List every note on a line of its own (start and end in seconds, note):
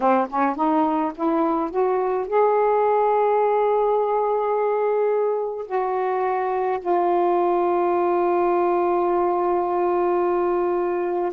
0.00 0.27 C4
0.29 0.55 C#4
0.55 1.12 D#4
1.14 1.70 E4
1.70 2.27 F#4
2.27 5.66 G#4
5.66 6.79 F#4
6.80 11.32 F4